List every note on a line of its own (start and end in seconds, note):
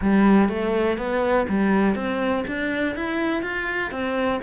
0.01 0.48 G3
0.48 0.97 A3
0.97 1.46 B3
1.48 1.95 G3
1.95 2.44 C4
2.47 2.95 D4
2.95 3.42 E4
3.42 3.91 F4
3.91 4.40 C4